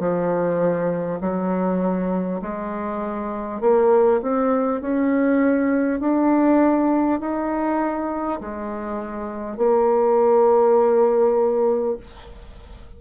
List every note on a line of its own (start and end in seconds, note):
0.00 1.20 F3
1.21 2.41 F#3
2.42 3.61 G#3
3.61 4.21 A#3
4.22 4.81 C4
4.81 6.00 C#4
6.00 7.20 D4
7.21 8.41 D#4
8.41 9.57 G#3
9.57 11.97 A#3